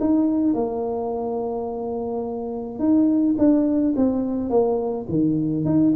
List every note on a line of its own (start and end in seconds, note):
0.00 0.54 D#4
0.54 2.79 A#3
2.79 3.36 D#4
3.38 3.95 D4
3.96 4.50 C4
4.50 5.06 A#3
5.08 5.65 D#3
5.65 5.93 D#4